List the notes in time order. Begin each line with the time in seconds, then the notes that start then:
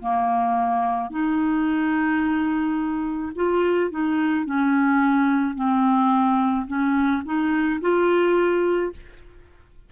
0.00 A#3
1.10 D#4
3.35 F4
3.90 D#4
4.45 C#4
5.55 C4
6.67 C#4
7.25 D#4
7.81 F4